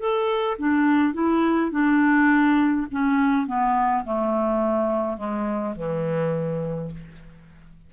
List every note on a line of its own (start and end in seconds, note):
0.00 0.58 A4
0.59 1.14 D4
1.14 1.72 E4
1.72 2.87 D4
2.92 3.47 C#4
3.47 4.05 B3
4.05 5.18 A3
5.18 5.75 G#3
5.76 6.92 E3